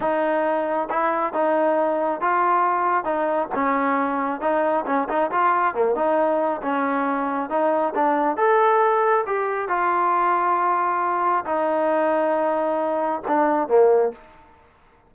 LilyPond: \new Staff \with { instrumentName = "trombone" } { \time 4/4 \tempo 4 = 136 dis'2 e'4 dis'4~ | dis'4 f'2 dis'4 | cis'2 dis'4 cis'8 dis'8 | f'4 ais8 dis'4. cis'4~ |
cis'4 dis'4 d'4 a'4~ | a'4 g'4 f'2~ | f'2 dis'2~ | dis'2 d'4 ais4 | }